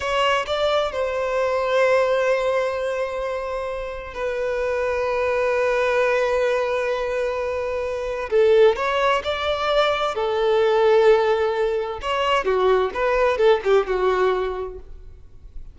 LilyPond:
\new Staff \with { instrumentName = "violin" } { \time 4/4 \tempo 4 = 130 cis''4 d''4 c''2~ | c''1~ | c''4 b'2.~ | b'1~ |
b'2 a'4 cis''4 | d''2 a'2~ | a'2 cis''4 fis'4 | b'4 a'8 g'8 fis'2 | }